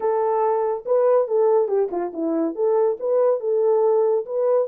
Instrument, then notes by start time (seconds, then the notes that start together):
horn
0.00 A4
0.85 B4
1.27 A4
1.68 G4
1.91 F4
2.13 E4
2.55 A4
2.99 B4
3.40 A4
4.25 B4